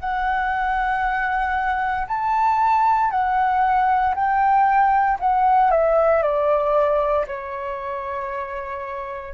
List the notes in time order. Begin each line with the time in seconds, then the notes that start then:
0.00 F#5
2.08 A5
3.11 F#5
4.15 G5
5.20 F#5
5.71 E5
6.23 D5
7.27 C#5